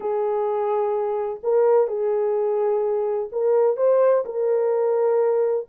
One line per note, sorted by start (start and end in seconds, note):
0.00 1.40 G#4
1.43 1.87 A#4
1.87 3.29 G#4
3.32 3.77 A#4
3.77 4.24 C5
4.25 5.66 A#4